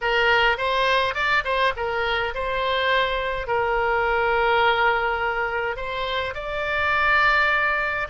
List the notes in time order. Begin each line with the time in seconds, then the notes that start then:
0.01 A#4
0.57 C5
1.14 D5
1.44 C5
1.76 A#4
2.34 C5
3.47 A#4
5.76 C5
6.34 D5